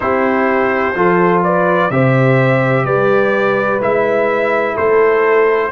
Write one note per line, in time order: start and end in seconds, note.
0.00 0.95 C4
0.00 0.94 E4
0.00 0.96 G4
0.00 1.42 C5
0.95 1.90 F3
0.95 1.90 F4
0.95 1.43 A4
1.43 1.91 B4
1.43 1.90 D5
1.90 2.84 C3
1.90 3.80 G4
1.90 2.85 C5
1.90 2.85 E5
2.84 3.80 G3
2.84 4.73 B4
2.84 3.80 D5
3.80 4.75 G#3
3.80 5.71 E4
3.80 4.77 E5
4.73 5.71 A3
4.73 5.68 A4
4.73 5.71 C5